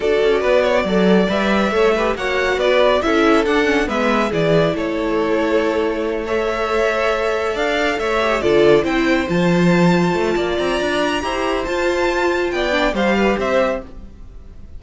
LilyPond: <<
  \new Staff \with { instrumentName = "violin" } { \time 4/4 \tempo 4 = 139 d''2. e''4~ | e''4 fis''4 d''4 e''4 | fis''4 e''4 d''4 cis''4~ | cis''2~ cis''8 e''4.~ |
e''4. f''4 e''4 d''8~ | d''8 g''4 a''2~ a''8~ | a''8 ais''2~ ais''8 a''4~ | a''4 g''4 f''4 e''4 | }
  \new Staff \with { instrumentName = "violin" } { \time 4/4 a'4 b'8 cis''8 d''2 | cis''8 b'8 cis''4 b'4 a'4~ | a'4 b'4 gis'4 a'4~ | a'2~ a'8 cis''4.~ |
cis''4. d''4 cis''4 a'8~ | a'8 c''2.~ c''8 | d''2 c''2~ | c''4 d''4 c''8 b'8 c''4 | }
  \new Staff \with { instrumentName = "viola" } { \time 4/4 fis'2 a'4 b'4 | a'8 g'8 fis'2 e'4 | d'8 cis'8 b4 e'2~ | e'2~ e'8 a'4.~ |
a'2. g'8 f'8~ | f'8 e'4 f'2~ f'8~ | f'2 g'4 f'4~ | f'4. d'8 g'2 | }
  \new Staff \with { instrumentName = "cello" } { \time 4/4 d'8 cis'8 b4 fis4 g4 | a4 ais4 b4 cis'4 | d'4 gis4 e4 a4~ | a1~ |
a4. d'4 a4 d8~ | d8 c'4 f2 a8 | ais8 c'8 d'4 e'4 f'4~ | f'4 b4 g4 c'4 | }
>>